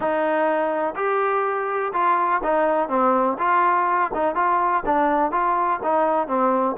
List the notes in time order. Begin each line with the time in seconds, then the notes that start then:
0.00 D#4
0.95 G4
1.93 F4
2.43 D#4
2.88 C4
3.38 F4
4.14 D#4
4.35 F4
4.85 D4
5.31 F4
5.83 D#4
6.27 C4